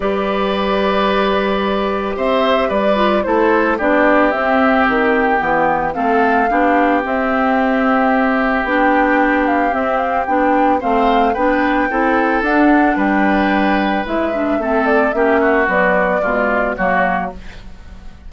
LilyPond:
<<
  \new Staff \with { instrumentName = "flute" } { \time 4/4 \tempo 4 = 111 d''1 | e''4 d''4 c''4 d''4 | e''4 g''2 f''4~ | f''4 e''2. |
g''4. f''8 e''8 f''8 g''4 | f''4 g''2 fis''4 | g''2 e''4. d''8 | e''4 d''2 cis''4 | }
  \new Staff \with { instrumentName = "oboe" } { \time 4/4 b'1 | c''4 b'4 a'4 g'4~ | g'2. a'4 | g'1~ |
g'1 | c''4 b'4 a'2 | b'2. a'4 | g'8 fis'4. f'4 fis'4 | }
  \new Staff \with { instrumentName = "clarinet" } { \time 4/4 g'1~ | g'4. f'8 e'4 d'4 | c'2 b4 c'4 | d'4 c'2. |
d'2 c'4 d'4 | c'4 d'4 e'4 d'4~ | d'2 e'8 d'8 c'4 | cis'4 fis4 gis4 ais4 | }
  \new Staff \with { instrumentName = "bassoon" } { \time 4/4 g1 | c'4 g4 a4 b4 | c'4 dis4 e4 a4 | b4 c'2. |
b2 c'4 b4 | a4 b4 c'4 d'4 | g2 gis4 a4 | ais4 b4 b,4 fis4 | }
>>